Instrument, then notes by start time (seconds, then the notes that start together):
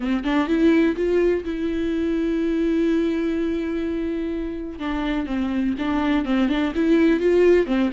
viola
0.00 C4
0.24 D4
0.47 E4
0.96 F4
1.44 E4
4.79 D4
5.26 C4
5.78 D4
6.25 C4
6.48 D4
6.75 E4
7.20 F4
7.66 C4